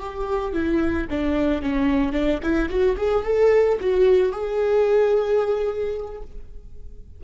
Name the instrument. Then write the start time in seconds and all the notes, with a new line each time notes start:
viola
0.00 G4
0.54 E4
1.10 D4
1.62 C#4
2.13 D4
2.43 E4
2.69 F#4
2.97 G#4
3.25 A4
3.80 F#4
4.32 G#4